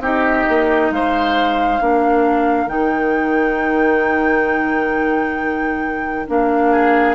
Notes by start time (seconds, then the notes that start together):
0.00 C4 D#4 G4 D#5
0.49 A#3
0.91 G#3 C5 F5
1.81 A#3 D4 A#4
2.68 D#3 D#4 G5
6.27 A#3 D4 F5
6.71 G#4